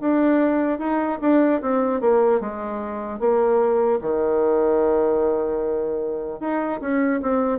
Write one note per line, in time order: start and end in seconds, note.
0.00 0.78 D4
0.78 1.18 D#4
1.21 1.61 D4
1.61 2.00 C4
2.00 2.40 A#3
2.40 3.19 G#3
3.19 3.99 A#3
4.01 6.40 D#3
6.40 6.80 D#4
6.80 7.20 C#4
7.22 7.59 C4